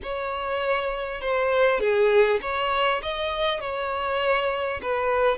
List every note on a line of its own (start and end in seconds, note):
0.02 1.21 C#5
1.21 1.79 C5
1.79 2.39 G#4
2.41 3.01 C#5
3.02 3.60 D#5
3.60 4.80 C#5
4.82 5.37 B4